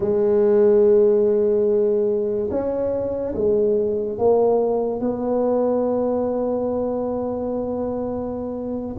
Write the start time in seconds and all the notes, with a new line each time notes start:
0.00 G#3
2.50 C#4
3.35 G#3
4.18 A#3
5.00 B3